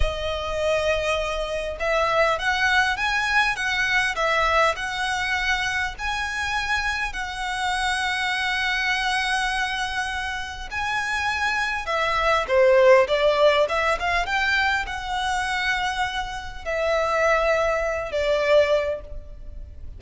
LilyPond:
\new Staff \with { instrumentName = "violin" } { \time 4/4 \tempo 4 = 101 dis''2. e''4 | fis''4 gis''4 fis''4 e''4 | fis''2 gis''2 | fis''1~ |
fis''2 gis''2 | e''4 c''4 d''4 e''8 f''8 | g''4 fis''2. | e''2~ e''8 d''4. | }